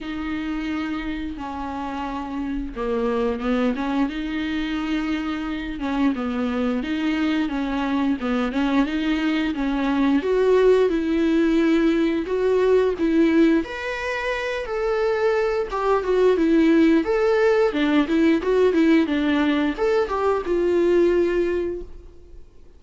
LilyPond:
\new Staff \with { instrumentName = "viola" } { \time 4/4 \tempo 4 = 88 dis'2 cis'2 | ais4 b8 cis'8 dis'2~ | dis'8 cis'8 b4 dis'4 cis'4 | b8 cis'8 dis'4 cis'4 fis'4 |
e'2 fis'4 e'4 | b'4. a'4. g'8 fis'8 | e'4 a'4 d'8 e'8 fis'8 e'8 | d'4 a'8 g'8 f'2 | }